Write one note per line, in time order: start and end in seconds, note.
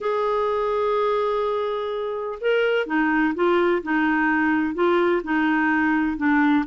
0.00 2.38 G#4
2.40 2.86 A#4
2.86 3.34 D#4
3.35 3.82 F4
3.82 4.74 D#4
4.74 5.21 F4
5.23 6.17 D#4
6.17 6.64 D4